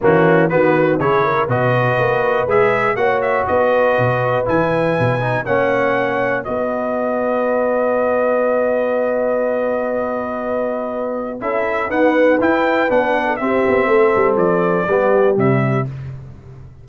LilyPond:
<<
  \new Staff \with { instrumentName = "trumpet" } { \time 4/4 \tempo 4 = 121 fis'4 b'4 cis''4 dis''4~ | dis''4 e''4 fis''8 e''8 dis''4~ | dis''4 gis''2 fis''4~ | fis''4 dis''2.~ |
dis''1~ | dis''2. e''4 | fis''4 g''4 fis''4 e''4~ | e''4 d''2 e''4 | }
  \new Staff \with { instrumentName = "horn" } { \time 4/4 cis'4 fis'4 gis'8 ais'8 b'4~ | b'2 cis''4 b'4~ | b'2. cis''4~ | cis''4 b'2.~ |
b'1~ | b'2. a'4 | b'2~ b'8. a'16 g'4 | a'2 g'2 | }
  \new Staff \with { instrumentName = "trombone" } { \time 4/4 ais4 b4 e'4 fis'4~ | fis'4 gis'4 fis'2~ | fis'4 e'4. dis'8 cis'4~ | cis'4 fis'2.~ |
fis'1~ | fis'2. e'4 | b4 e'4 d'4 c'4~ | c'2 b4 g4 | }
  \new Staff \with { instrumentName = "tuba" } { \time 4/4 e4 dis4 cis4 b,4 | ais4 gis4 ais4 b4 | b,4 e4 b,4 ais4~ | ais4 b2.~ |
b1~ | b2. cis'4 | dis'4 e'4 b4 c'8 b8 | a8 g8 f4 g4 c4 | }
>>